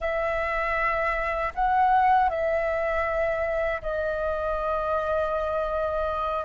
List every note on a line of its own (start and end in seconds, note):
0.00 1.52 E5
1.54 2.29 F#5
2.29 3.81 E5
3.82 6.45 D#5